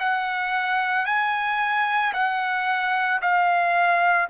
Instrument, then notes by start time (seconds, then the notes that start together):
trumpet
0.00 F#5
1.06 G#5
2.14 F#5
3.22 F5